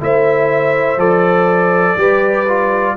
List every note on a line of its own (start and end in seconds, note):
0.00 0.97 A3
0.00 0.98 E4
0.00 1.99 C5
0.00 1.00 E5
0.97 1.95 F3
0.97 1.97 A4
0.97 2.96 D5
1.97 2.95 G3
1.97 2.47 G4
1.97 2.97 B4
2.48 2.97 F4